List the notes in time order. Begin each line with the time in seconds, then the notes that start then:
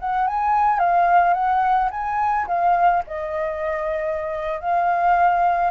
0.00 F#5
0.28 G#5
0.80 F5
1.34 F#5
1.91 G#5
2.47 F5
3.07 D#5
4.61 F5